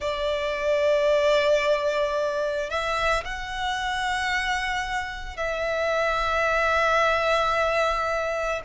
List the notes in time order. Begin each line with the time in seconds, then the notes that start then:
0.00 D5
2.70 E5
3.24 F#5
5.37 E5